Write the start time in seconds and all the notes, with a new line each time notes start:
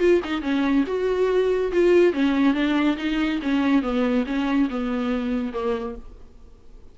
0.00 F4
0.25 D#4
0.42 C#4
0.87 F#4
1.73 F4
2.13 C#4
2.54 D4
2.97 D#4
3.43 C#4
3.83 B3
4.26 C#4
4.70 B3
5.53 A#3